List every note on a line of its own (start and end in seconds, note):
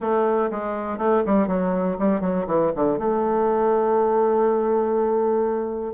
0.00 0.50 A3
0.50 0.98 G#3
0.98 1.22 A3
1.26 1.47 G3
1.47 1.97 F#3
1.99 2.20 G3
2.20 2.45 F#3
2.46 2.71 E3
2.75 2.98 D3
2.98 5.94 A3